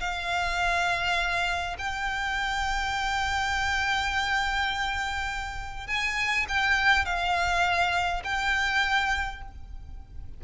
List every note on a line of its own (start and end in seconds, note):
0.00 1.76 F5
1.78 5.87 G5
5.87 6.46 G#5
6.49 7.05 G5
7.05 8.23 F5
8.24 9.42 G5